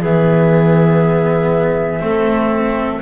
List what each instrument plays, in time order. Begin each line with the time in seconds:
0.00 double bass E3, cello B3, clarinet G#4, flute E5
2.00 double bass A3, cello C4, clarinet A4